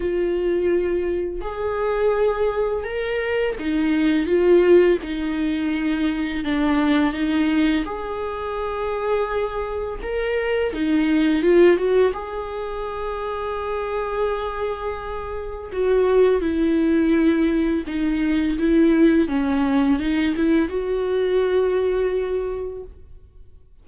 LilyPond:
\new Staff \with { instrumentName = "viola" } { \time 4/4 \tempo 4 = 84 f'2 gis'2 | ais'4 dis'4 f'4 dis'4~ | dis'4 d'4 dis'4 gis'4~ | gis'2 ais'4 dis'4 |
f'8 fis'8 gis'2.~ | gis'2 fis'4 e'4~ | e'4 dis'4 e'4 cis'4 | dis'8 e'8 fis'2. | }